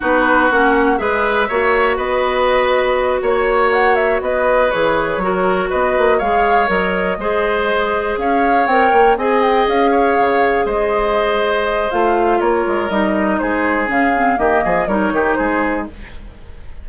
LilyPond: <<
  \new Staff \with { instrumentName = "flute" } { \time 4/4 \tempo 4 = 121 b'4 fis''4 e''2 | dis''2~ dis''8 cis''4 fis''8 | e''8 dis''4 cis''2 dis''8~ | dis''8 f''4 dis''2~ dis''8~ |
dis''8 f''4 g''4 gis''8 g''8 f''8~ | f''4. dis''2~ dis''8 | f''4 cis''4 dis''4 c''4 | f''4 dis''4 cis''4 c''4 | }
  \new Staff \with { instrumentName = "oboe" } { \time 4/4 fis'2 b'4 cis''4 | b'2~ b'8 cis''4.~ | cis''8 b'2 ais'4 b'8~ | b'8 cis''2 c''4.~ |
c''8 cis''2 dis''4. | cis''4. c''2~ c''8~ | c''4 ais'2 gis'4~ | gis'4 g'8 gis'8 ais'8 g'8 gis'4 | }
  \new Staff \with { instrumentName = "clarinet" } { \time 4/4 dis'4 cis'4 gis'4 fis'4~ | fis'1~ | fis'4. gis'4 fis'4.~ | fis'8 gis'4 ais'4 gis'4.~ |
gis'4. ais'4 gis'4.~ | gis'1 | f'2 dis'2 | cis'8 c'8 ais4 dis'2 | }
  \new Staff \with { instrumentName = "bassoon" } { \time 4/4 b4 ais4 gis4 ais4 | b2~ b8 ais4.~ | ais8 b4 e4 fis4 b8 | ais8 gis4 fis4 gis4.~ |
gis8 cis'4 c'8 ais8 c'4 cis'8~ | cis'8 cis4 gis2~ gis8 | a4 ais8 gis8 g4 gis4 | cis4 dis8 f8 g8 dis8 gis4 | }
>>